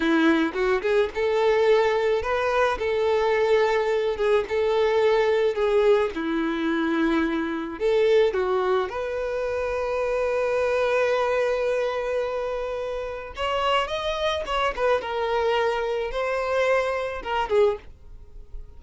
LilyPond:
\new Staff \with { instrumentName = "violin" } { \time 4/4 \tempo 4 = 108 e'4 fis'8 gis'8 a'2 | b'4 a'2~ a'8 gis'8 | a'2 gis'4 e'4~ | e'2 a'4 fis'4 |
b'1~ | b'1 | cis''4 dis''4 cis''8 b'8 ais'4~ | ais'4 c''2 ais'8 gis'8 | }